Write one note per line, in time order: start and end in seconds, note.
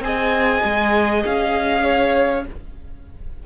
0.00 0.60 C4
0.00 2.44 G#4
0.00 1.84 D#5
0.00 1.24 G#5
0.64 1.24 G#3
1.26 2.46 C#4
1.26 2.46 F5
1.84 2.44 C#5